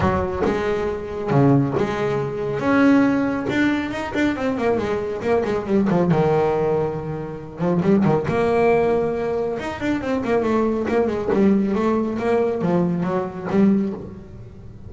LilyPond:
\new Staff \with { instrumentName = "double bass" } { \time 4/4 \tempo 4 = 138 fis4 gis2 cis4 | gis2 cis'2 | d'4 dis'8 d'8 c'8 ais8 gis4 | ais8 gis8 g8 f8 dis2~ |
dis4. f8 g8 dis8 ais4~ | ais2 dis'8 d'8 c'8 ais8 | a4 ais8 gis8 g4 a4 | ais4 f4 fis4 g4 | }